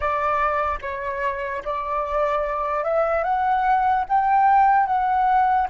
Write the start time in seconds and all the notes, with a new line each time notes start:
0.00 D5
0.81 C#5
1.64 D5
2.83 E5
3.23 F#5
4.08 G5
4.86 F#5